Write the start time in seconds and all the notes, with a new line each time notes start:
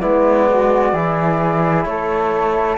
0.00 G#3 B3 E4 D5
0.50 F#4
0.93 E3 E4 G#4
1.85 A3 A4 C#5